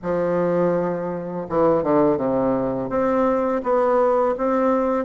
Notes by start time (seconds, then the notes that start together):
0.02 F3
1.49 E3
1.83 D3
2.17 C3
2.89 C4
3.63 B3
4.37 C4